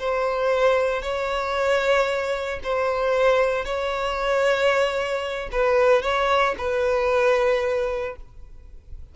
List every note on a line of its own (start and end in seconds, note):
0.00 1.03 C5
1.03 2.61 C#5
2.64 3.66 C5
3.66 5.50 C#5
5.52 6.03 B4
6.03 6.55 C#5
6.58 8.16 B4